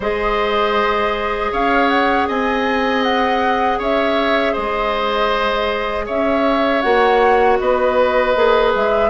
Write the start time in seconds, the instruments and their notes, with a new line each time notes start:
0.00 bassoon G#3, clarinet G#4, oboe C5, flute D#5
1.52 bassoon C#4, oboe C#5, flute F5
1.88 flute F#5
2.28 bassoon C4, oboe D#5, flute G#5
3.03 flute F#5
3.78 bassoon C#4, oboe C#5, flute E5
4.52 bassoon G#3, oboe C5, flute D#5
6.06 bassoon C#4, oboe C#5, flute E5
6.81 bassoon A#3, clarinet F#4, flute F#5
7.59 bassoon B3, oboe B4, flute D#5
8.35 bassoon A#3, clarinet G#4
8.74 bassoon G#3, flute E5